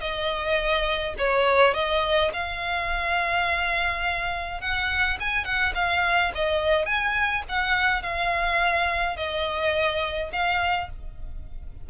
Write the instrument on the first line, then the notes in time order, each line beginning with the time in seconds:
violin
0.00 D#5
1.17 C#5
1.74 D#5
2.33 F5
4.60 F#5
5.19 G#5
5.44 F#5
5.74 F5
6.34 D#5
6.85 G#5
7.48 F#5
8.02 F5
9.16 D#5
10.32 F5